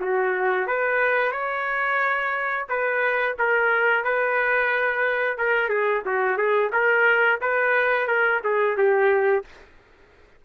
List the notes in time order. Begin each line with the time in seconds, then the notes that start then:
0.00 F#4
0.66 B4
1.31 C#5
2.68 B4
3.38 A#4
4.04 B4
5.37 A#4
5.68 G#4
6.05 F#4
6.37 G#4
6.72 A#4
7.41 B4
8.07 A#4
8.43 G#4
8.77 G4